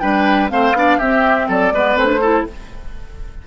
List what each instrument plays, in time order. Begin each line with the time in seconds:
0.00 bassoon G3, clarinet D4, oboe B4, flute G5
0.49 bassoon A3, clarinet C4, oboe C5, flute F5
0.73 bassoon B3, clarinet D4, oboe D5
0.98 bassoon C4, clarinet C4, oboe G4, flute E5
1.49 bassoon F#3, oboe A4, flute D5
1.72 bassoon G#3, clarinet B3, oboe B4
1.96 bassoon A3, clarinet C4, flute C5
2.06 clarinet D4
2.21 clarinet E4, oboe A4